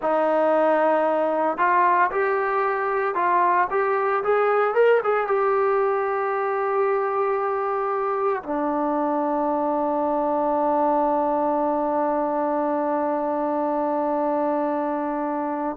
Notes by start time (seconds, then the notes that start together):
0.01 D#4
1.57 F4
2.11 G4
3.14 F4
3.70 G4
4.23 G#4
4.74 A#4
5.03 G#4
5.27 G4
8.43 D4